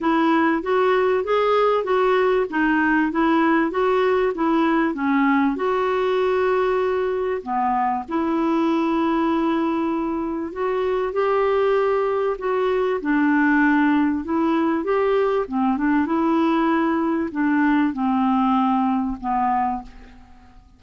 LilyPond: \new Staff \with { instrumentName = "clarinet" } { \time 4/4 \tempo 4 = 97 e'4 fis'4 gis'4 fis'4 | dis'4 e'4 fis'4 e'4 | cis'4 fis'2. | b4 e'2.~ |
e'4 fis'4 g'2 | fis'4 d'2 e'4 | g'4 c'8 d'8 e'2 | d'4 c'2 b4 | }